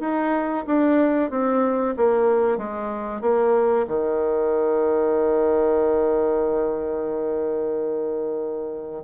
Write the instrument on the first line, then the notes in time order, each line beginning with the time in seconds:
bassoon
0.00 D#4
0.67 D4
1.30 C4
1.96 A#3
2.57 G#3
3.21 A#3
3.87 D#3